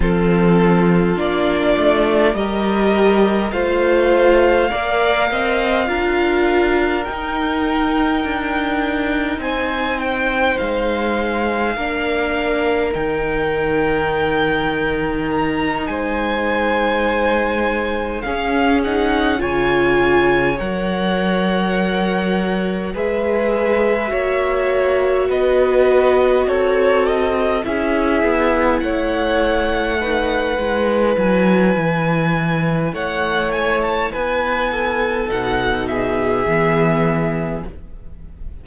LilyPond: <<
  \new Staff \with { instrumentName = "violin" } { \time 4/4 \tempo 4 = 51 a'4 d''4 dis''4 f''4~ | f''2 g''2 | gis''8 g''8 f''2 g''4~ | g''4 ais''8 gis''2 f''8 |
fis''8 gis''4 fis''2 e''8~ | e''4. dis''4 cis''8 dis''8 e''8~ | e''8 fis''2 gis''4. | fis''8 gis''16 a''16 gis''4 fis''8 e''4. | }
  \new Staff \with { instrumentName = "violin" } { \time 4/4 f'2 ais'4 c''4 | d''8 dis''8 ais'2. | c''2 ais'2~ | ais'4. c''2 gis'8~ |
gis'8 cis''2. b'8~ | b'8 cis''4 b'4 a'4 gis'8~ | gis'8 cis''4 b'2~ b'8 | cis''4 b'8 a'4 gis'4. | }
  \new Staff \with { instrumentName = "viola" } { \time 4/4 c'4 d'4 g'4 f'4 | ais'4 f'4 dis'2~ | dis'2 d'4 dis'4~ | dis'2.~ dis'8 cis'8 |
dis'8 f'4 ais'2 gis'8~ | gis'8 fis'2. e'8~ | e'4. dis'8 e'2~ | e'2 dis'4 b4 | }
  \new Staff \with { instrumentName = "cello" } { \time 4/4 f4 ais8 a8 g4 a4 | ais8 c'8 d'4 dis'4 d'4 | c'4 gis4 ais4 dis4~ | dis4. gis2 cis'8~ |
cis'8 cis4 fis2 gis8~ | gis8 ais4 b4 c'4 cis'8 | b8 a4. gis8 fis8 e4 | a4 b4 b,4 e4 | }
>>